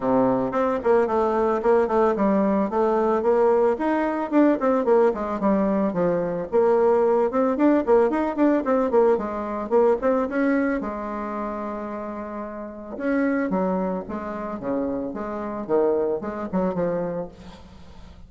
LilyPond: \new Staff \with { instrumentName = "bassoon" } { \time 4/4 \tempo 4 = 111 c4 c'8 ais8 a4 ais8 a8 | g4 a4 ais4 dis'4 | d'8 c'8 ais8 gis8 g4 f4 | ais4. c'8 d'8 ais8 dis'8 d'8 |
c'8 ais8 gis4 ais8 c'8 cis'4 | gis1 | cis'4 fis4 gis4 cis4 | gis4 dis4 gis8 fis8 f4 | }